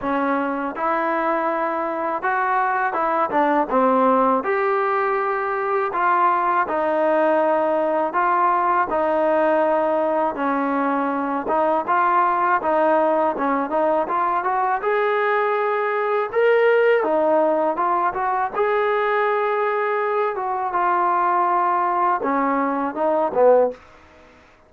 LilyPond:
\new Staff \with { instrumentName = "trombone" } { \time 4/4 \tempo 4 = 81 cis'4 e'2 fis'4 | e'8 d'8 c'4 g'2 | f'4 dis'2 f'4 | dis'2 cis'4. dis'8 |
f'4 dis'4 cis'8 dis'8 f'8 fis'8 | gis'2 ais'4 dis'4 | f'8 fis'8 gis'2~ gis'8 fis'8 | f'2 cis'4 dis'8 b8 | }